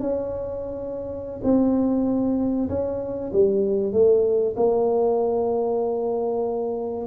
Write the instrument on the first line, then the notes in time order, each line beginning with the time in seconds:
tuba
0.00 C#4
1.43 C4
2.69 C#4
3.32 G3
3.93 A3
4.56 A#3